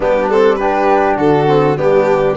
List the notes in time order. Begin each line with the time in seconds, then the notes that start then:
0.00 G3 B3 D4 G4
0.29 C4 A4
0.55 D4 G4 B4
1.16 D3 F#4 A4
1.47 C4
1.76 G3 B3 D4 G4